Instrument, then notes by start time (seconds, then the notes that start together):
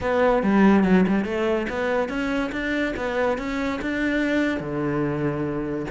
cello
0.00 B3
0.42 G3
0.83 F#3
1.07 G3
1.24 A3
1.69 B3
2.08 C#4
2.52 D4
2.96 B3
3.38 C#4
3.81 D4
4.59 D3